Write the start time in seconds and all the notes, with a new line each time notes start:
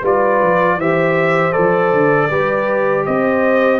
0.00 G3 F4 B4 D5
0.42 F3
0.76 E3 G4 C5 E5
1.52 F3 A4 D5
1.92 D3
2.29 G3 G4 B4
3.05 C4 C5 D#5